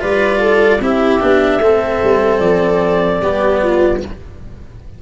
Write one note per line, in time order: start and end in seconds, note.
0.00 0.80 G3
0.00 0.80 F4
0.00 0.40 B4
0.00 0.83 D5
0.40 0.80 A4
0.80 1.20 C4
0.80 1.21 E4
0.80 1.63 G4
0.80 2.39 E5
1.21 1.59 B3
1.21 1.61 D4
1.59 1.99 A3
1.59 3.23 C4
1.59 3.22 A4
2.04 2.40 G3
2.39 3.20 F3
2.39 3.99 D5
3.22 4.02 G3
3.22 4.03 B3
3.22 3.62 G4
3.63 4.03 F4